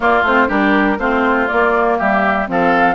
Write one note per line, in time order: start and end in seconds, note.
0.00 0.22 A#3
0.00 0.25 A#3
0.00 0.48 F4
0.00 0.24 D5
0.22 0.47 A3
0.22 0.48 C4
0.22 0.49 C5
0.48 0.98 G3
0.48 0.97 D4
0.48 0.97 G4
0.48 0.99 A#4
0.98 1.48 A3
0.98 1.49 C4
0.98 1.98 F4
0.98 1.47 C5
1.47 2.46 A#3
1.47 2.00 A#3
1.47 1.97 D5
1.98 2.48 G3
1.98 2.47 G4
1.98 2.48 E5
2.46 2.95 F3
2.46 2.95 C4
2.46 2.95 A4
2.46 2.95 F5